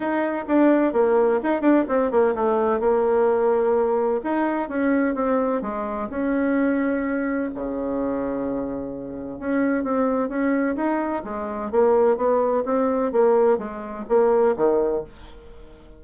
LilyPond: \new Staff \with { instrumentName = "bassoon" } { \time 4/4 \tempo 4 = 128 dis'4 d'4 ais4 dis'8 d'8 | c'8 ais8 a4 ais2~ | ais4 dis'4 cis'4 c'4 | gis4 cis'2. |
cis1 | cis'4 c'4 cis'4 dis'4 | gis4 ais4 b4 c'4 | ais4 gis4 ais4 dis4 | }